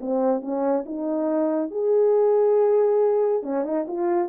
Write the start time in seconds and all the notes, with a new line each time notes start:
0.00 C4
0.41 C#4
0.85 D#4
1.70 G#4
3.42 C#4
3.64 D#4
3.87 F4